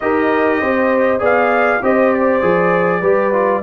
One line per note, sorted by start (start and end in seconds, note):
0.00 0.60 D#4
0.00 1.19 G4
0.00 0.60 A#4
0.00 1.21 D#5
0.60 1.20 C4
0.60 1.20 C5
1.19 1.81 B3
1.19 1.79 G#4
1.19 1.80 D5
1.19 1.84 F5
1.82 2.42 C4
1.82 2.41 G4
1.82 3.01 C5
1.82 2.13 D#5
2.13 3.62 D5
2.41 3.02 F3
2.41 3.02 G#4
3.01 3.62 G3
3.01 3.32 G4
3.01 3.61 B4
3.32 3.62 F4